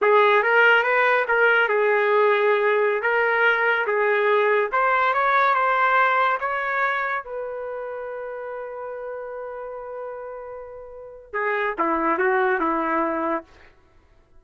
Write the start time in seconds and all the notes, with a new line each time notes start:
0.01 G#4
0.42 A#4
0.83 B4
1.28 A#4
1.68 G#4
3.02 A#4
3.86 G#4
4.71 C5
5.13 C#5
5.54 C5
6.40 C#5
7.24 B4
11.32 G#4
11.78 E4
12.18 F#4
12.60 E4